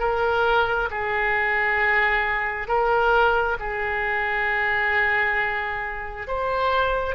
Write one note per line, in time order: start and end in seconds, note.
0.00 0.90 A#4
0.91 2.68 G#4
2.68 3.57 A#4
3.59 6.28 G#4
6.28 7.16 C5